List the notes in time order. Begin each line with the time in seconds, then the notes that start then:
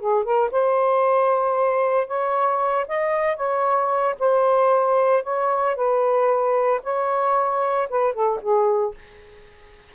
0.00 G#4
0.24 A#4
0.52 C5
2.08 C#5
2.89 D#5
3.37 C#5
4.20 C5
5.23 C#5
5.76 B4
6.83 C#5
7.90 B4
8.14 A4
8.42 G#4